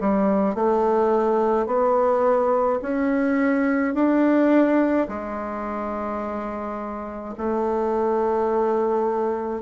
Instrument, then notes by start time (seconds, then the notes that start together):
bassoon
0.00 G3
0.55 A3
1.66 B3
2.82 C#4
3.95 D4
5.08 G#3
7.37 A3